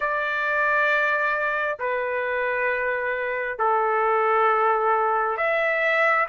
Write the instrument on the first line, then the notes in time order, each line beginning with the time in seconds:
trumpet
0.00 D5
1.79 B4
3.58 A4
5.37 E5